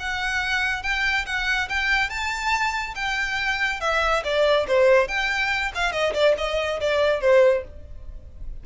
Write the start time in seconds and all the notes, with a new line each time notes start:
0.00 F#5
0.83 G5
1.26 F#5
1.69 G5
2.10 A5
2.96 G5
3.81 E5
4.24 D5
4.68 C5
5.09 G5
5.75 F5
5.92 D#5
6.14 D5
6.38 D#5
6.81 D5
7.21 C5